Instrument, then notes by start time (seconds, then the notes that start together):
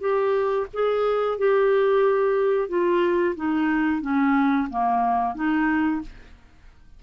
clarinet
0.00 G4
0.73 G#4
1.38 G4
2.68 F4
3.36 D#4
4.02 C#4
4.70 A#3
5.35 D#4